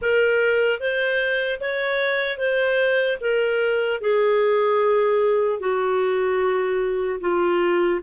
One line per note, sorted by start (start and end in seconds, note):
0.01 0.80 A#4
0.80 1.60 C5
1.60 2.38 C#5
2.38 3.18 C5
3.20 4.00 A#4
4.00 5.59 G#4
5.59 7.19 F#4
7.20 8.00 F4